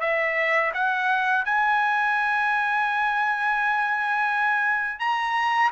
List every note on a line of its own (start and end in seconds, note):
0.00 0.71 E5
0.73 1.45 F#5
1.45 4.99 G#5
4.99 5.70 A#5